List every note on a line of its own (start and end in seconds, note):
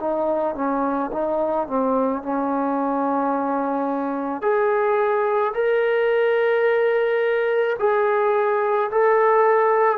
0.00 0.55 D#4
0.55 1.11 C#4
1.12 1.67 D#4
1.67 2.22 C4
2.22 4.41 C#4
4.41 5.53 G#4
5.54 7.76 A#4
7.79 8.90 G#4
8.91 9.98 A4